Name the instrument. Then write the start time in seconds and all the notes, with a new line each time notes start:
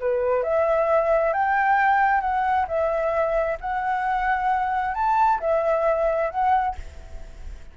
flute
0.00 B4
0.43 E5
1.33 G5
2.21 F#5
2.68 E5
3.61 F#5
4.95 A5
5.40 E5
6.31 F#5